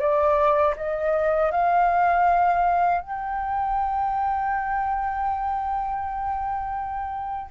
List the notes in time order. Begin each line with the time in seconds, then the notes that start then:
0.00 D5
0.77 D#5
1.51 F5
3.01 G5